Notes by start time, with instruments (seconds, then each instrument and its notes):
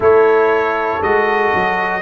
0.00 tuba A3, trombone E4, horn A4, trumpet C#5
1.01 tuba G#3, trombone F#4, trumpet D#5
1.54 tuba F#3